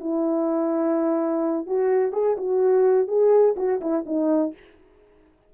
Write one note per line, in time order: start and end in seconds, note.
0.00 1.67 E4
1.67 2.13 F#4
2.13 2.36 G#4
2.37 3.08 F#4
3.08 3.55 G#4
3.57 3.81 F#4
3.81 4.05 E4
4.06 4.54 D#4